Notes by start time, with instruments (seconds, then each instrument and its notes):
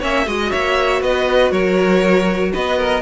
0.00 cello A#3, viola C#4, violin C#5 E5
0.26 cello G#3, viola F#4, violin D#5
0.51 cello A#3, violin C#5 E5
1.01 cello B3, violin B4 D#5
1.51 cello F#3, violin A#4 C#5
2.53 cello B3, violin B4 D#5
2.78 violin A#4